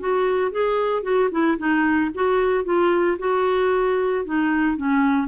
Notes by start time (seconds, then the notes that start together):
0.00 F#4
0.52 G#4
1.03 F#4
1.32 E4
1.58 D#4
2.15 F#4
2.65 F4
3.19 F#4
4.26 D#4
4.77 C#4